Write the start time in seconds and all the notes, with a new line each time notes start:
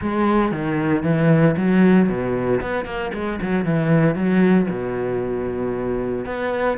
0.01 G#3
0.51 D#3
1.03 E3
1.57 F#3
2.08 B2
2.61 B3
2.85 A#3
3.13 G#3
3.41 F#3
3.65 E3
4.15 F#3
4.69 B2
6.25 B3